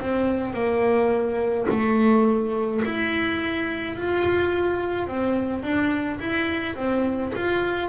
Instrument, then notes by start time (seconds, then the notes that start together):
double bass
0.00 C4
0.54 A#3
1.70 A3
2.86 E4
3.96 F4
5.08 C4
5.63 D4
6.21 E4
6.76 C4
7.36 F4